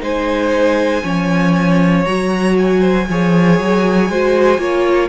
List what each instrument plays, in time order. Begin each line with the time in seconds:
0.00 cello G#3, viola D#4, violin C5 G#5
1.03 cello F3, viola C#4, violin C#5
2.05 cello F#3, viola F#4, violin A#5
2.57 violin G#5
2.80 violin C5
3.09 cello F3, viola G#4, violin C#5
3.60 cello F#3
4.09 cello G#3, viola F#4, violin C5
4.58 cello A#3, viola F4, violin C#5